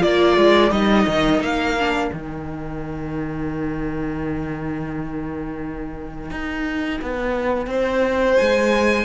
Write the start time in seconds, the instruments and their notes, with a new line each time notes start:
0.00 cello A#3, viola F4, violin A#4 D5
0.37 cello G#3
0.71 cello G3, viola D#4, violin D#5
1.08 cello D#3
1.41 cello A#3, violin F5
1.80 viola D4
2.12 cello D#3, viola D#4, violin G5
6.31 cello D#4
7.02 cello B3
7.67 cello C4, violin C5
8.38 cello G#3, violin G#5